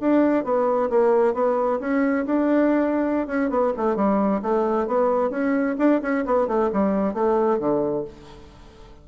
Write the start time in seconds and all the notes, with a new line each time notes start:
0.00 D4
0.44 B3
0.90 A#3
1.34 B3
1.80 C#4
2.26 D4
3.27 C#4
3.50 B3
3.77 A3
3.95 G3
4.42 A3
4.87 B3
5.30 C#4
5.78 D4
6.01 C#4
6.25 B3
6.47 A3
6.73 G3
7.14 A3
7.59 D3